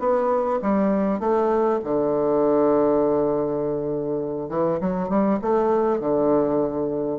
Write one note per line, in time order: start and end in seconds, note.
0.00 0.60 B3
0.62 1.20 G3
1.20 1.80 A3
1.84 4.49 D3
4.49 4.79 E3
4.81 5.09 F#3
5.09 5.39 G3
5.42 6.00 A3
6.00 7.19 D3